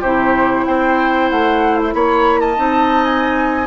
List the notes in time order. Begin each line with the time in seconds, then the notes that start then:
0.00 C3 E4 G4 C5
0.65 C4 C5 G5
1.30 A3 F#5
1.77 E4
1.93 A#3 C#5 B5
2.40 D#5 A5
2.56 C4 D#4
3.04 G#5